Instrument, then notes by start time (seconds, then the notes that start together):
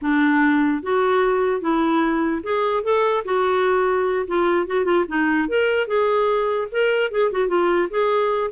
clarinet
0.01 D4
0.82 F#4
1.61 E4
2.43 G#4
2.83 A4
3.24 F#4
4.27 F4
4.66 F#4
4.84 F4
5.08 D#4
5.48 A#4
5.87 G#4
6.71 A#4
7.11 G#4
7.31 F#4
7.48 F4
7.89 G#4